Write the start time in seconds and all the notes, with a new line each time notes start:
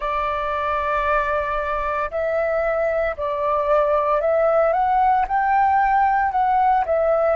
0.00 D5
2.11 E5
3.16 D5
4.21 E5
4.73 F#5
5.27 G5
6.32 F#5
6.85 E5